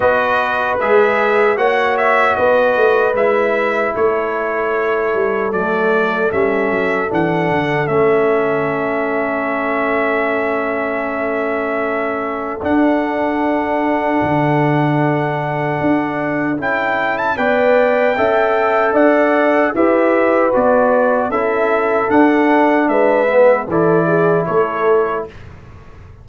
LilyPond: <<
  \new Staff \with { instrumentName = "trumpet" } { \time 4/4 \tempo 4 = 76 dis''4 e''4 fis''8 e''8 dis''4 | e''4 cis''2 d''4 | e''4 fis''4 e''2~ | e''1 |
fis''1~ | fis''4 g''8. a''16 g''2 | fis''4 e''4 d''4 e''4 | fis''4 e''4 d''4 cis''4 | }
  \new Staff \with { instrumentName = "horn" } { \time 4/4 b'2 cis''4 b'4~ | b'4 a'2.~ | a'1~ | a'1~ |
a'1~ | a'2 d''4 e''4 | d''4 b'2 a'4~ | a'4 b'4 a'8 gis'8 a'4 | }
  \new Staff \with { instrumentName = "trombone" } { \time 4/4 fis'4 gis'4 fis'2 | e'2. a4 | cis'4 d'4 cis'2~ | cis'1 |
d'1~ | d'4 e'4 b'4 a'4~ | a'4 g'4 fis'4 e'4 | d'4. b8 e'2 | }
  \new Staff \with { instrumentName = "tuba" } { \time 4/4 b4 gis4 ais4 b8 a8 | gis4 a4. g8 fis4 | g8 fis8 e8 d8 a2~ | a1 |
d'2 d2 | d'4 cis'4 b4 cis'4 | d'4 e'4 b4 cis'4 | d'4 gis4 e4 a4 | }
>>